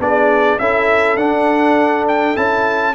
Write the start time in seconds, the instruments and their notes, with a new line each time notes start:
0.00 tuba B3, trombone D4, horn G#4, trumpet D5
0.59 tuba C#4, trombone E4, horn A4, trumpet E5
1.17 tuba D4, trombone D4, trumpet F#5
2.08 trumpet G5
2.36 tuba C#4, trombone E4, trumpet A5